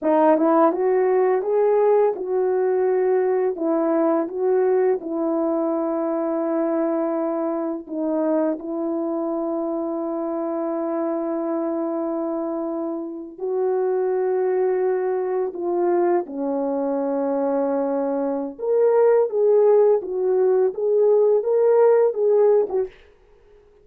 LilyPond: \new Staff \with { instrumentName = "horn" } { \time 4/4 \tempo 4 = 84 dis'8 e'8 fis'4 gis'4 fis'4~ | fis'4 e'4 fis'4 e'4~ | e'2. dis'4 | e'1~ |
e'2~ e'8. fis'4~ fis'16~ | fis'4.~ fis'16 f'4 cis'4~ cis'16~ | cis'2 ais'4 gis'4 | fis'4 gis'4 ais'4 gis'8. fis'16 | }